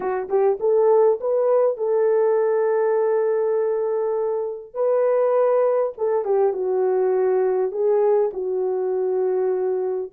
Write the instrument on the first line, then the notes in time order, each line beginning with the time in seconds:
horn
0.00 F#4
0.28 G4
0.60 A4
1.20 B4
1.77 A4
4.74 B4
5.97 A4
6.24 G4
6.53 F#4
7.71 G#4
8.33 F#4